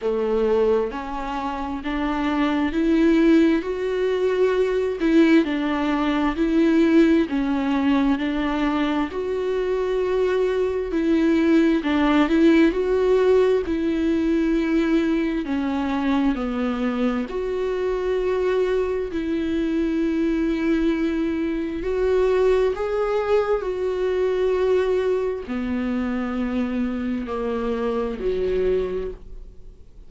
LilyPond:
\new Staff \with { instrumentName = "viola" } { \time 4/4 \tempo 4 = 66 a4 cis'4 d'4 e'4 | fis'4. e'8 d'4 e'4 | cis'4 d'4 fis'2 | e'4 d'8 e'8 fis'4 e'4~ |
e'4 cis'4 b4 fis'4~ | fis'4 e'2. | fis'4 gis'4 fis'2 | b2 ais4 fis4 | }